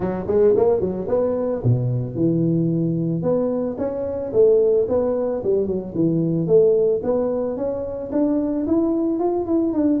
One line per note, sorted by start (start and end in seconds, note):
0.00 0.26 F#3
0.27 0.54 G#3
0.56 0.80 A#3
0.80 1.07 F#3
1.08 1.62 B3
1.63 2.15 B2
2.15 3.22 E3
3.22 3.76 B3
3.77 4.31 C#4
4.32 4.86 A3
4.88 5.42 B3
5.43 5.66 G3
5.66 5.93 F#3
5.95 6.47 E3
6.47 7.01 A3
7.03 7.57 B3
7.57 8.11 C#4
8.12 8.66 D4
8.66 9.19 E4
9.19 9.46 F4
9.46 9.73 E4
9.73 10.00 D4